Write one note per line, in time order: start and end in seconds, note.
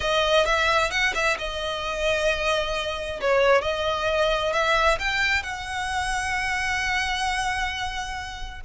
0.00 0.45 D#5
0.45 0.90 E5
0.90 1.13 F#5
1.14 1.37 E5
1.38 3.20 D#5
3.20 3.61 C#5
3.61 4.52 D#5
4.52 4.98 E5
4.98 5.42 G5
5.42 8.60 F#5